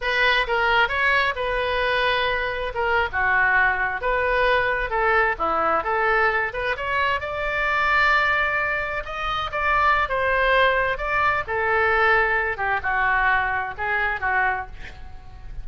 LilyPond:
\new Staff \with { instrumentName = "oboe" } { \time 4/4 \tempo 4 = 131 b'4 ais'4 cis''4 b'4~ | b'2 ais'8. fis'4~ fis'16~ | fis'8. b'2 a'4 e'16~ | e'8. a'4. b'8 cis''4 d''16~ |
d''2.~ d''8. dis''16~ | dis''8. d''4~ d''16 c''2 | d''4 a'2~ a'8 g'8 | fis'2 gis'4 fis'4 | }